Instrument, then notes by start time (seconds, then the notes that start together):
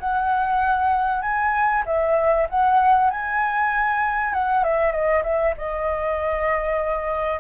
flute
0.00 F#5
1.22 G#5
1.86 E5
2.49 F#5
3.10 G#5
4.33 F#5
4.64 E5
4.92 D#5
5.23 E5
5.58 D#5